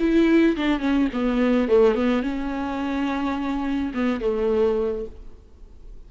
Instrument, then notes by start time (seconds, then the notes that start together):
viola
0.00 E4
0.57 D4
0.80 C#4
1.13 B3
1.69 A3
1.95 B3
2.23 C#4
3.95 B3
4.21 A3